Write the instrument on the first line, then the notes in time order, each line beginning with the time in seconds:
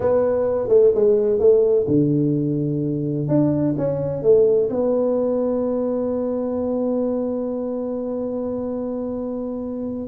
tuba
0.00 B3
0.68 A3
0.95 G#3
1.39 A3
1.87 D3
3.27 D4
3.77 C#4
4.22 A3
4.69 B3